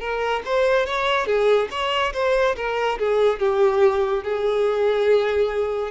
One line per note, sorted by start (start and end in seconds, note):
0.00 0.42 A#4
0.45 0.86 C5
0.86 1.26 C#5
1.26 1.68 G#4
1.71 2.13 C#5
2.13 2.55 C5
2.56 2.98 A#4
2.98 3.39 G#4
3.39 4.23 G4
4.24 5.91 G#4